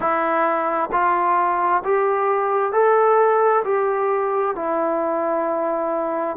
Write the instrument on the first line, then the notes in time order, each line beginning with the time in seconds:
trombone
0.00 E4
0.91 F4
1.84 G4
2.72 A4
3.64 G4
4.55 E4